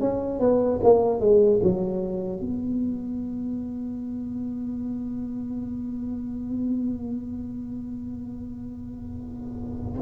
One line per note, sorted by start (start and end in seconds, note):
0.00 0.40 C#4
0.40 0.80 B3
0.83 1.20 A#3
1.20 1.60 G#3
1.62 2.40 F#3
2.40 10.00 B3